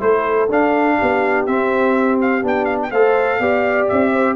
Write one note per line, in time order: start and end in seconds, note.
0.00 0.49 A3
0.00 0.48 E4
0.00 0.98 A4
0.00 0.50 C5
0.49 0.98 D4
0.49 1.47 D4
0.49 1.46 F5
0.98 1.47 B3
0.98 2.91 G4
1.46 2.44 C4
1.46 2.42 C4
1.46 2.19 E5
2.21 2.46 F5
2.42 2.92 B3
2.42 2.90 D4
2.42 2.65 G5
2.65 2.78 F5
2.83 2.91 G5
2.91 3.40 A3
2.91 3.41 A4
2.91 3.40 C5
2.91 3.88 F5
3.40 3.88 B3
3.40 4.36 G4
3.40 4.12 D5
3.89 4.36 C4
3.89 4.36 E5
4.13 4.36 C5